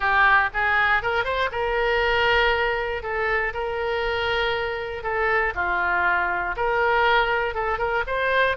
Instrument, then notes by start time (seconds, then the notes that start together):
oboe
0.00 G4
0.53 G#4
1.02 A#4
1.24 C5
1.51 A#4
3.03 A4
3.53 A#4
5.03 A4
5.54 F4
6.56 A#4
7.54 A4
7.78 A#4
8.06 C5